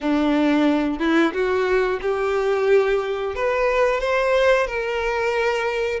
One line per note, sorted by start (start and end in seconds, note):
0.00 0.99 D4
0.99 1.32 E4
1.33 1.99 F#4
2.02 3.35 G4
3.35 4.00 B4
4.00 4.66 C5
4.66 6.00 A#4